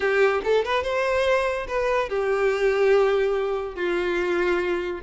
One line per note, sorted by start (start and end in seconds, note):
0.00 0.41 G4
0.44 0.65 A4
0.65 0.83 B4
0.83 1.66 C5
1.67 2.09 B4
2.09 3.75 G4
3.75 5.01 F4